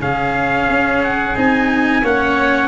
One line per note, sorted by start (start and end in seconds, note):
0.00 0.68 C#3
0.00 1.35 C#4
0.00 2.02 G#4
0.00 1.02 F5
0.68 1.36 C#4
1.03 1.37 F#5
1.35 2.03 C4
1.35 2.02 D#4
1.35 2.05 G#5
2.02 2.68 A#3
2.02 2.68 C#4
2.02 2.68 C#5
2.02 2.68 F#5